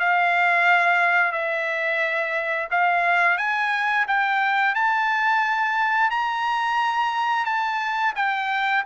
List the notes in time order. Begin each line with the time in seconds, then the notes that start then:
0.00 F5
1.32 E5
2.71 F5
3.38 G#5
4.08 G5
4.75 A5
6.11 A#5
7.45 A5
8.16 G5